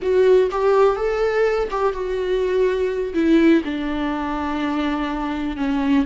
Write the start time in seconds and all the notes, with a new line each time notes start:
0.02 F#4
0.51 G4
0.96 A4
1.71 G4
1.92 F#4
3.14 E4
3.64 D4
5.56 C#4